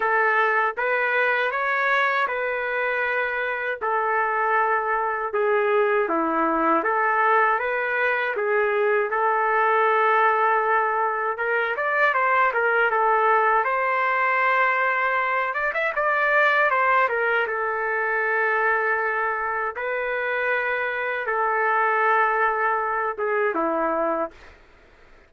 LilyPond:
\new Staff \with { instrumentName = "trumpet" } { \time 4/4 \tempo 4 = 79 a'4 b'4 cis''4 b'4~ | b'4 a'2 gis'4 | e'4 a'4 b'4 gis'4 | a'2. ais'8 d''8 |
c''8 ais'8 a'4 c''2~ | c''8 d''16 e''16 d''4 c''8 ais'8 a'4~ | a'2 b'2 | a'2~ a'8 gis'8 e'4 | }